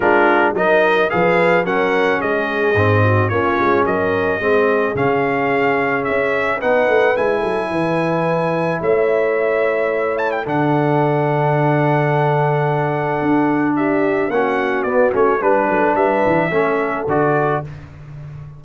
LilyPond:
<<
  \new Staff \with { instrumentName = "trumpet" } { \time 4/4 \tempo 4 = 109 ais'4 dis''4 f''4 fis''4 | dis''2 cis''4 dis''4~ | dis''4 f''2 e''4 | fis''4 gis''2. |
e''2~ e''8 a''16 g''16 fis''4~ | fis''1~ | fis''4 e''4 fis''4 d''8 cis''8 | b'4 e''2 d''4 | }
  \new Staff \with { instrumentName = "horn" } { \time 4/4 f'4 ais'4 b'4 ais'4 | gis'4. fis'8 f'4 ais'4 | gis'1 | b'4. a'8 b'2 |
cis''2. a'4~ | a'1~ | a'4 g'4 fis'2 | b'8 a'8 b'4 a'2 | }
  \new Staff \with { instrumentName = "trombone" } { \time 4/4 d'4 dis'4 gis'4 cis'4~ | cis'4 c'4 cis'2 | c'4 cis'2. | dis'4 e'2.~ |
e'2. d'4~ | d'1~ | d'2 cis'4 b8 cis'8 | d'2 cis'4 fis'4 | }
  \new Staff \with { instrumentName = "tuba" } { \time 4/4 gis4 fis4 f4 fis4 | gis4 gis,4 ais8 gis8 fis4 | gis4 cis2 cis'4 | b8 a8 gis8 fis8 e2 |
a2. d4~ | d1 | d'2 ais4 b8 a8 | g8 fis8 g8 e8 a4 d4 | }
>>